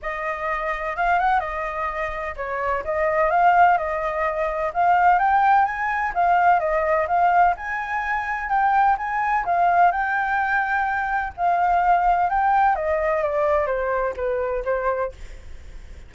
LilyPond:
\new Staff \with { instrumentName = "flute" } { \time 4/4 \tempo 4 = 127 dis''2 f''8 fis''8 dis''4~ | dis''4 cis''4 dis''4 f''4 | dis''2 f''4 g''4 | gis''4 f''4 dis''4 f''4 |
gis''2 g''4 gis''4 | f''4 g''2. | f''2 g''4 dis''4 | d''4 c''4 b'4 c''4 | }